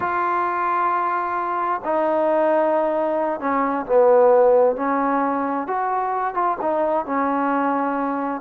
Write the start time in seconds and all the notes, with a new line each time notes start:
0.00 F4
1.84 D#4
3.40 C#4
3.86 B3
4.76 C#4
5.67 F#4
6.34 F4
6.61 D#4
7.05 C#4